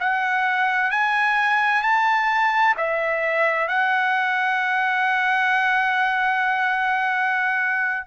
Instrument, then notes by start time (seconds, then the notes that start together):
trumpet
0.00 F#5
0.91 G#5
1.83 A5
2.77 E5
3.68 F#5